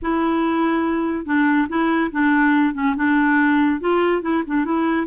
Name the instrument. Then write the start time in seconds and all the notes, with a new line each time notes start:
clarinet
0.02 E4
1.25 D4
1.68 E4
2.11 D4
2.74 C#4
2.95 D4
3.80 F4
4.22 E4
4.46 D4
4.64 E4